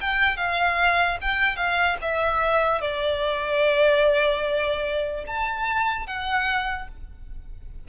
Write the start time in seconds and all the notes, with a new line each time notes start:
0.00 G5
0.36 F5
1.21 G5
1.56 F5
2.01 E5
2.81 D5
5.26 A5
6.06 F#5